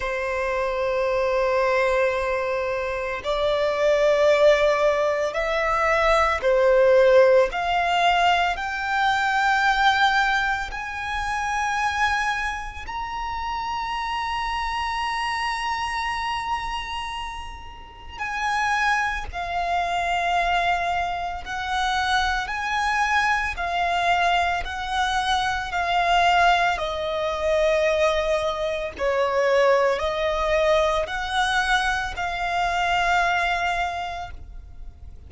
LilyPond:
\new Staff \with { instrumentName = "violin" } { \time 4/4 \tempo 4 = 56 c''2. d''4~ | d''4 e''4 c''4 f''4 | g''2 gis''2 | ais''1~ |
ais''4 gis''4 f''2 | fis''4 gis''4 f''4 fis''4 | f''4 dis''2 cis''4 | dis''4 fis''4 f''2 | }